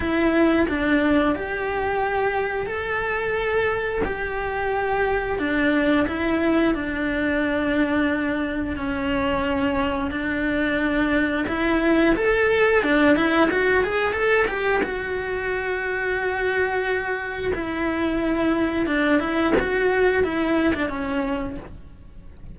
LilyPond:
\new Staff \with { instrumentName = "cello" } { \time 4/4 \tempo 4 = 89 e'4 d'4 g'2 | a'2 g'2 | d'4 e'4 d'2~ | d'4 cis'2 d'4~ |
d'4 e'4 a'4 d'8 e'8 | fis'8 gis'8 a'8 g'8 fis'2~ | fis'2 e'2 | d'8 e'8 fis'4 e'8. d'16 cis'4 | }